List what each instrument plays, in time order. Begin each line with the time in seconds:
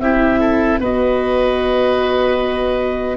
0.00 tuba C4, viola E4, oboe G4, clarinet E5
0.40 oboe A4
0.80 tuba B3, viola F#4, oboe B4, clarinet D#5